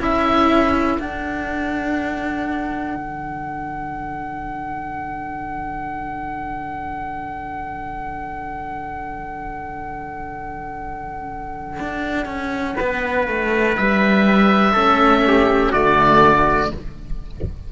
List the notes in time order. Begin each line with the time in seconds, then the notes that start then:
0.00 C#4 E4 A4 E5
0.98 D4 F#5
2.96 D3
11.80 D4
12.26 C#4
12.75 B3 B4
13.27 A3
13.77 G3 E5
14.72 A3 C#4 A4
15.27 G4
15.71 D3 A3 F#4 D5